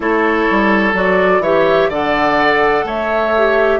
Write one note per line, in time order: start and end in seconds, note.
0.00 0.47 A3
0.00 0.93 E4
0.00 1.42 A4
0.00 0.96 C#5
0.50 0.93 G3
0.93 1.39 F#3
0.93 1.41 F#4
0.93 1.42 D5
1.39 1.87 E3
1.39 1.91 G4
1.39 1.89 C#5
1.39 1.90 E5
1.88 2.84 D3
1.88 3.34 A4
1.88 2.84 D5
1.88 2.87 F#5
2.84 3.79 A3
2.84 3.79 C#5
2.84 3.79 E5
3.37 3.79 G4